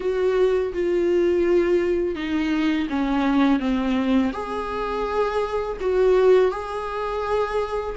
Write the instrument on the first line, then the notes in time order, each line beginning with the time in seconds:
viola
0.00 F#4
0.73 F4
2.15 D#4
2.89 C#4
3.59 C4
4.32 G#4
5.80 F#4
6.51 G#4